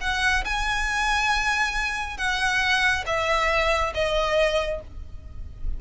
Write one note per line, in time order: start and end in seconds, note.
0.00 0.43 F#5
0.44 2.17 G#5
2.17 3.04 F#5
3.06 3.92 E5
3.94 4.81 D#5